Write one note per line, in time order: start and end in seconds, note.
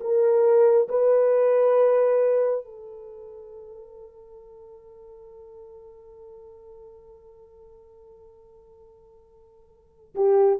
0.00 0.88 A#4
0.88 2.64 B4
2.64 10.14 A4
10.15 10.59 G4